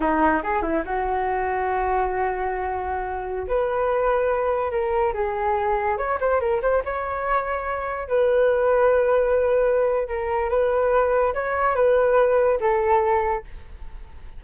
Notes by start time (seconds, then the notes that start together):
0.00 D#4
0.43 G#4
0.61 E4
0.85 F#4
3.47 B4
4.71 A#4
5.13 G#4
5.97 C#5
6.20 C5
6.40 A#4
6.61 C5
6.84 C#5
8.08 B4
10.08 A#4
10.49 B4
11.34 C#5
11.75 B4
12.60 A4